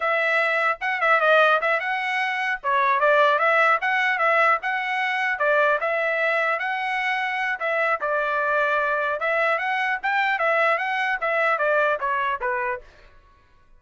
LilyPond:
\new Staff \with { instrumentName = "trumpet" } { \time 4/4 \tempo 4 = 150 e''2 fis''8 e''8 dis''4 | e''8 fis''2 cis''4 d''8~ | d''8 e''4 fis''4 e''4 fis''8~ | fis''4. d''4 e''4.~ |
e''8 fis''2~ fis''8 e''4 | d''2. e''4 | fis''4 g''4 e''4 fis''4 | e''4 d''4 cis''4 b'4 | }